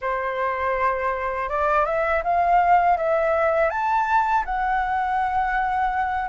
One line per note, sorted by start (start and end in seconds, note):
0.01 1.49 C5
1.49 1.85 D5
1.85 2.22 E5
2.23 2.97 F5
2.97 3.70 E5
3.70 4.44 A5
4.45 6.29 F#5